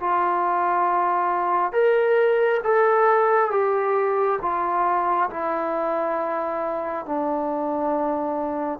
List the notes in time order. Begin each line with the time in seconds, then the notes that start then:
0.00 F4
1.72 A#4
2.64 A4
3.51 G4
4.42 F4
5.30 E4
7.06 D4